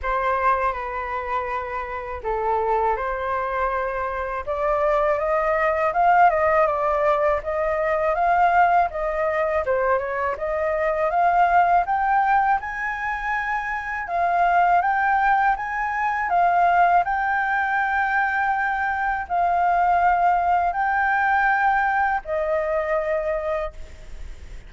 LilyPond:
\new Staff \with { instrumentName = "flute" } { \time 4/4 \tempo 4 = 81 c''4 b'2 a'4 | c''2 d''4 dis''4 | f''8 dis''8 d''4 dis''4 f''4 | dis''4 c''8 cis''8 dis''4 f''4 |
g''4 gis''2 f''4 | g''4 gis''4 f''4 g''4~ | g''2 f''2 | g''2 dis''2 | }